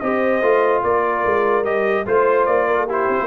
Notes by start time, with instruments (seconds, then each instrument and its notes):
0.00 tuba C4, trombone G4, horn C5, trumpet D#5
0.42 tuba A3, trombone F4
0.83 tuba A#3, horn A#4, trumpet D5
1.25 tuba G#3
1.64 tuba G3, trombone G4, trumpet D#5
2.06 tuba A3, trombone F4, horn C5, trumpet C5
2.46 tuba A#3, trumpet D5
2.67 horn A#4
2.78 horn A4
2.86 trombone E4, horn G4, trumpet C5
3.08 tuba C4
3.20 tuba A#3